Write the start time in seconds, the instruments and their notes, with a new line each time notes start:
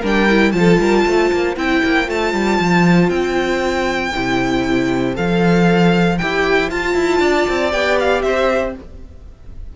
0.00 cello G3, viola D4, violin A#4
0.07 violin G5
0.29 viola E4
0.52 cello F3, viola F4, violin A5
0.59 violin A4
0.80 cello G3, violin A#4
1.07 cello A3, violin C5
1.32 cello A#3
1.57 cello C4, viola E4, violin G5
1.84 cello A#3
2.07 cello A3, viola F4, violin A5
2.34 cello G3
2.60 cello F3
3.10 cello C4, violin G5
4.15 cello C3, viola E4
5.15 cello F3, viola A4, violin F5
6.19 cello E4, viola G4, violin G5
6.70 viola F4, cello F4, violin A5
6.95 cello E4
7.20 cello D4, violin D5
7.49 cello C4
7.72 cello B3, viola G4, violin G5
8.00 violin F5
8.23 cello C4, violin C5 E5